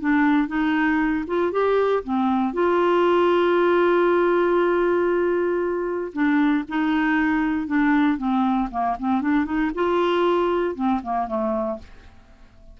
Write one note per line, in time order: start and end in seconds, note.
0.00 0.48 D4
0.48 1.24 D#4
1.27 1.52 F4
1.52 2.03 G4
2.04 2.53 C4
2.53 6.12 F4
6.13 6.64 D4
6.68 7.67 D#4
7.67 8.17 D4
8.17 8.69 C4
8.70 8.96 A#3
8.99 9.21 C4
9.21 9.45 D4
9.45 9.70 D#4
9.74 10.75 F4
10.75 11.00 C4
11.03 11.27 A#3
11.27 11.78 A3